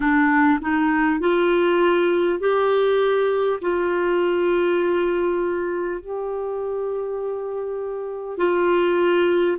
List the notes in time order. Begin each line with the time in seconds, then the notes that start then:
0.00 D4
0.61 D#4
1.20 F4
2.39 G4
3.61 F4
6.00 G4
8.37 F4